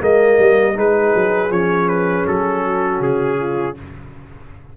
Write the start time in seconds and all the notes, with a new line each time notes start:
0.00 G#3 A#3 A#4 D#5
0.39 G3
0.74 G#3 D#4 G#4 B4
1.15 F#3
1.50 F3 C#4 C#5
1.88 B4
2.27 F#3 A4
2.65 F#4
3.00 C#3 G#4
3.39 F4